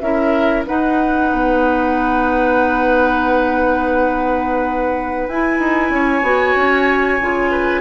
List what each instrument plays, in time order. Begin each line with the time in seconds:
0.00 bassoon C#4, clarinet E4, oboe A#4, flute E5
0.67 clarinet D#4, bassoon D#4, oboe B4, flute F#5
1.32 bassoon B3
5.28 bassoon E4, clarinet E4, flute G#5
5.59 bassoon D#4
5.90 bassoon C#4, oboe C#5
6.23 bassoon B3, clarinet F#4
6.56 bassoon C#4
7.21 bassoon C#3, clarinet F4
7.51 oboe B4